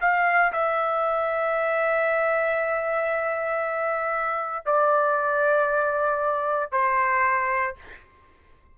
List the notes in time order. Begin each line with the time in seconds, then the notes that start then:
0.00 F5
0.52 E5
4.65 D5
6.71 C5